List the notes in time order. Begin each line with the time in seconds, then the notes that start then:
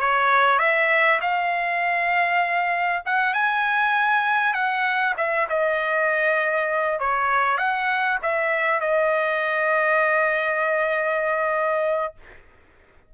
0.00 C#5
0.59 E5
1.21 F5
3.06 F#5
3.34 G#5
4.54 F#5
5.17 E5
5.49 D#5
6.99 C#5
7.58 F#5
8.22 E5
8.80 D#5